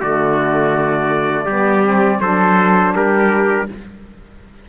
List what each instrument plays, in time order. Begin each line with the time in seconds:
0.00 cello D3, saxophone A3, trumpet F#4 D5
1.45 cello G3, saxophone B3, trumpet G4
1.85 saxophone C4
2.20 cello F#3, saxophone D4, trumpet A4 C5
2.95 cello G3, trumpet G4 A#4